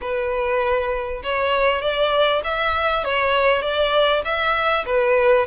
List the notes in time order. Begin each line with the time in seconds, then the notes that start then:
0.01 B4
1.23 C#5
1.81 D5
2.44 E5
3.04 C#5
3.61 D5
4.24 E5
4.85 B4